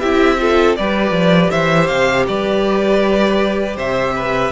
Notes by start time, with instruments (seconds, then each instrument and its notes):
0.00 cello C4, viola E4, violin G4 E5
0.39 viola F4, violin A4
0.76 cello G3, viola G4, violin B4 D5
1.11 cello F3
1.51 cello E3, violin C5 E5
1.87 cello C3, violin F5
2.27 cello G3, violin B4 D5
3.76 cello C3, violin C5 E5
4.16 violin B4